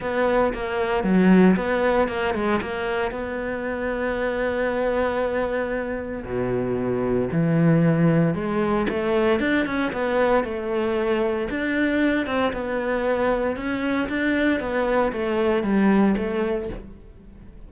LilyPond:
\new Staff \with { instrumentName = "cello" } { \time 4/4 \tempo 4 = 115 b4 ais4 fis4 b4 | ais8 gis8 ais4 b2~ | b1 | b,2 e2 |
gis4 a4 d'8 cis'8 b4 | a2 d'4. c'8 | b2 cis'4 d'4 | b4 a4 g4 a4 | }